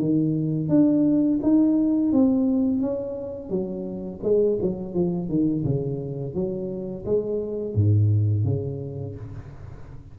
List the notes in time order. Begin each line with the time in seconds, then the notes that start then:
0.00 D#3
0.69 D4
1.43 D#4
2.13 C4
2.81 C#4
3.50 F#3
4.24 G#3
4.62 F#3
4.94 F3
5.29 D#3
5.65 C#3
6.35 F#3
7.06 G#3
7.75 G#2
8.45 C#3